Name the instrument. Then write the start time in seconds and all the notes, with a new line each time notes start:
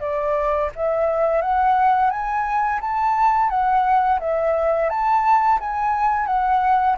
flute
0.00 D5
0.75 E5
1.42 F#5
2.10 G#5
2.81 A5
3.49 F#5
4.20 E5
4.90 A5
5.60 G#5
6.26 F#5